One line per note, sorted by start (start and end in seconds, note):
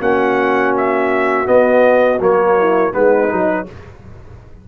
0.00 1.47 A#3
0.00 1.45 C#4
0.00 2.56 F#4
0.00 0.75 F#5
0.77 1.47 E5
1.45 2.19 B3
1.45 2.20 D#5
2.19 2.93 F#3
2.19 2.92 A#3
2.19 2.93 C#5
2.58 2.92 E4
2.92 3.32 G#3
2.92 3.29 B3
2.92 3.66 D#4
2.92 3.67 B4
3.29 3.68 F#3
3.29 3.66 D#4